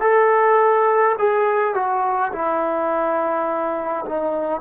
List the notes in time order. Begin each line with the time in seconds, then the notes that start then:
0.00 A4
1.19 G#4
1.74 F#4
2.32 E4
4.05 D#4